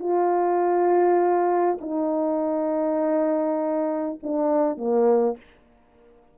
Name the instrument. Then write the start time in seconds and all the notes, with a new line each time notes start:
horn
0.00 F4
1.81 D#4
4.23 D4
4.77 A#3